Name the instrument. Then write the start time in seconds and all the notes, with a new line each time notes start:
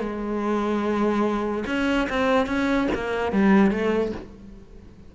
cello
0.00 G#3
1.67 C#4
2.10 C4
2.47 C#4
2.95 A#3
3.33 G3
3.71 A3